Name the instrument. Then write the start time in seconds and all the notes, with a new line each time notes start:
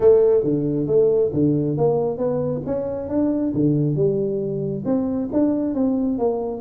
tuba
0.00 A3
0.43 D3
0.87 A3
1.33 D3
1.77 A#3
2.17 B3
2.66 C#4
3.08 D4
3.54 D3
3.95 G3
4.85 C4
5.32 D4
5.74 C4
6.18 A#3